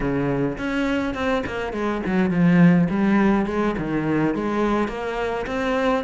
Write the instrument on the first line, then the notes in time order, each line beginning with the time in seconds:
cello
0.00 C#3
0.57 C#4
1.14 C4
1.46 A#3
1.73 G#3
2.05 F#3
2.30 F3
2.90 G3
3.46 G#3
3.78 D#3
4.35 G#3
4.88 A#3
5.46 C4